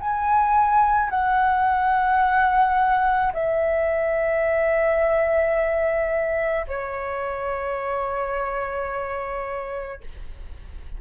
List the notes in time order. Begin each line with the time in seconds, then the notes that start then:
0.00 G#5
1.10 F#5
3.33 E5
6.68 C#5